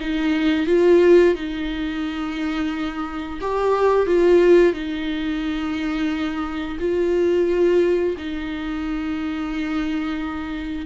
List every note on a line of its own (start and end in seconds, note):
0.00 0.67 D#4
0.67 1.35 F4
1.35 3.40 D#4
3.41 4.07 G4
4.07 4.73 F4
4.73 6.78 D#4
6.80 8.16 F4
8.17 10.86 D#4